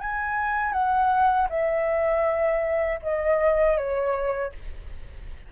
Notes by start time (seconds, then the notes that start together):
0.00 G#5
0.72 F#5
1.49 E5
3.02 D#5
3.77 C#5